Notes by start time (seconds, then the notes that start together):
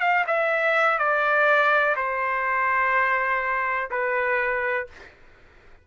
0.00 F5
0.27 E5
0.99 D5
1.96 C5
3.90 B4